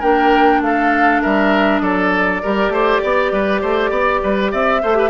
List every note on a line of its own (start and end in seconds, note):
0.00 0.61 A#3
0.00 2.42 D4
0.00 0.60 A#4
0.00 0.62 G5
0.61 1.21 A3
0.61 1.22 A4
0.61 1.22 F5
1.22 1.82 G3
1.22 1.82 A#4
1.22 1.79 E5
1.79 2.42 F#3
1.79 2.43 A4
1.79 4.49 D5
2.43 2.69 G3
2.43 4.83 G4
2.43 2.73 A#4
2.69 2.99 A3
2.69 3.02 C5
3.02 3.32 B3
3.02 3.33 D5
3.32 3.62 G3
3.32 3.62 B4
3.62 3.91 A3
3.62 3.91 C5
3.91 4.21 B3
3.91 4.21 D5
4.23 4.53 G3
4.23 4.52 B4
4.52 4.83 C4
4.52 4.82 D5
4.52 5.10 E5
4.83 5.10 A3
4.83 4.95 A4
4.83 4.98 C5
4.95 5.10 G4
4.95 5.10 B4